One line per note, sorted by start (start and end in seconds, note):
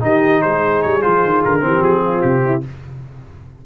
0.00 0.43 D#3
0.00 1.01 D#4
0.00 0.44 G4
0.00 0.42 D#5
0.42 0.85 G#3
0.42 1.65 G#4
0.42 0.82 C5
0.83 1.05 G3
0.83 1.02 C#5
1.01 1.25 F3
1.01 1.61 F4
1.01 1.42 C5
1.25 1.45 D#3
1.45 1.63 D3
1.45 1.83 A#4
1.61 1.81 E3
1.61 2.61 C4
1.61 2.05 G4
1.81 2.22 F3
1.81 2.22 G#4
2.05 2.45 F4
2.22 2.64 C3
2.22 2.62 G4
2.46 2.66 E4